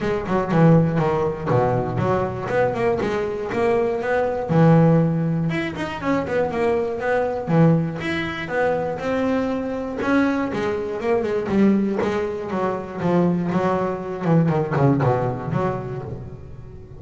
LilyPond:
\new Staff \with { instrumentName = "double bass" } { \time 4/4 \tempo 4 = 120 gis8 fis8 e4 dis4 b,4 | fis4 b8 ais8 gis4 ais4 | b4 e2 e'8 dis'8 | cis'8 b8 ais4 b4 e4 |
e'4 b4 c'2 | cis'4 gis4 ais8 gis8 g4 | gis4 fis4 f4 fis4~ | fis8 e8 dis8 cis8 b,4 fis4 | }